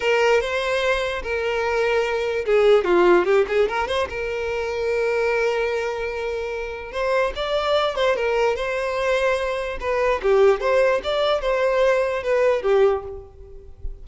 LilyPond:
\new Staff \with { instrumentName = "violin" } { \time 4/4 \tempo 4 = 147 ais'4 c''2 ais'4~ | ais'2 gis'4 f'4 | g'8 gis'8 ais'8 c''8 ais'2~ | ais'1~ |
ais'4 c''4 d''4. c''8 | ais'4 c''2. | b'4 g'4 c''4 d''4 | c''2 b'4 g'4 | }